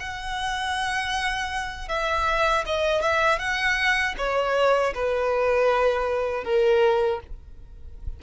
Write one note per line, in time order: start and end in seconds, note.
0.00 1.89 F#5
1.89 2.65 E5
2.66 3.02 D#5
3.02 3.39 E5
3.39 4.15 F#5
4.18 4.94 C#5
4.95 6.44 B4
6.44 7.20 A#4